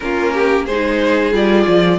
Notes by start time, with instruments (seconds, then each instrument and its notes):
0.00 cello A#3, viola C#4, violin F4 A#4
0.33 violin G4
0.65 cello G#3, violin G#4 C5
0.71 viola D#4
1.32 cello G3, viola F4, violin D5
1.66 cello F3